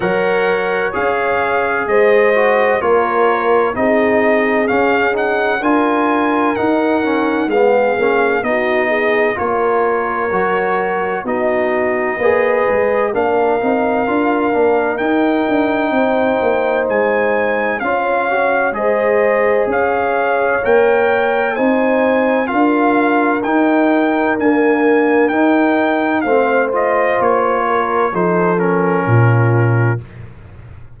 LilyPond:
<<
  \new Staff \with { instrumentName = "trumpet" } { \time 4/4 \tempo 4 = 64 fis''4 f''4 dis''4 cis''4 | dis''4 f''8 fis''8 gis''4 fis''4 | f''4 dis''4 cis''2 | dis''2 f''2 |
g''2 gis''4 f''4 | dis''4 f''4 g''4 gis''4 | f''4 g''4 gis''4 g''4 | f''8 dis''8 cis''4 c''8 ais'4. | }
  \new Staff \with { instrumentName = "horn" } { \time 4/4 cis''2 c''4 ais'4 | gis'2 ais'2 | gis'4 fis'8 gis'8 ais'2 | fis'4 b'4 ais'2~ |
ais'4 c''2 cis''4 | c''4 cis''2 c''4 | ais'1 | c''4. ais'8 a'4 f'4 | }
  \new Staff \with { instrumentName = "trombone" } { \time 4/4 ais'4 gis'4. fis'8 f'4 | dis'4 cis'8 dis'8 f'4 dis'8 cis'8 | b8 cis'8 dis'4 f'4 fis'4 | dis'4 gis'4 d'8 dis'8 f'8 d'8 |
dis'2. f'8 fis'8 | gis'2 ais'4 dis'4 | f'4 dis'4 ais4 dis'4 | c'8 f'4. dis'8 cis'4. | }
  \new Staff \with { instrumentName = "tuba" } { \time 4/4 fis4 cis'4 gis4 ais4 | c'4 cis'4 d'4 dis'4 | gis8 ais8 b4 ais4 fis4 | b4 ais8 gis8 ais8 c'8 d'8 ais8 |
dis'8 d'8 c'8 ais8 gis4 cis'4 | gis4 cis'4 ais4 c'4 | d'4 dis'4 d'4 dis'4 | a4 ais4 f4 ais,4 | }
>>